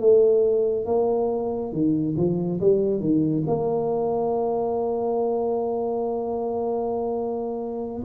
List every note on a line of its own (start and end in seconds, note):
0.00 0.86 A3
0.86 1.72 A#3
1.72 2.16 D#3
2.17 2.60 F3
2.60 3.00 G3
3.00 3.43 D#3
3.47 8.04 A#3